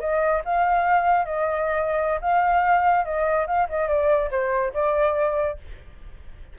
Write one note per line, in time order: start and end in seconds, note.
0.00 0.42 D#5
0.45 1.25 F5
1.25 2.20 D#5
2.21 3.05 F5
3.05 3.47 D#5
3.47 3.68 F5
3.69 3.88 D#5
3.88 4.30 D5
4.31 4.73 C5
4.74 5.58 D5